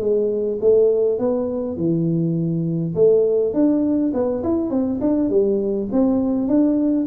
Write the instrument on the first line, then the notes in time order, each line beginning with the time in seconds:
tuba
0.00 G#3
0.61 A3
1.19 B3
1.77 E3
2.95 A3
3.54 D4
4.14 B3
4.44 E4
4.70 C4
5.01 D4
5.30 G3
5.92 C4
6.48 D4